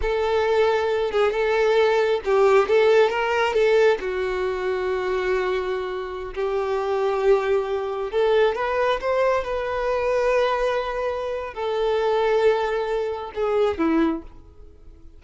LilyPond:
\new Staff \with { instrumentName = "violin" } { \time 4/4 \tempo 4 = 135 a'2~ a'8 gis'8 a'4~ | a'4 g'4 a'4 ais'4 | a'4 fis'2.~ | fis'2~ fis'16 g'4.~ g'16~ |
g'2~ g'16 a'4 b'8.~ | b'16 c''4 b'2~ b'8.~ | b'2 a'2~ | a'2 gis'4 e'4 | }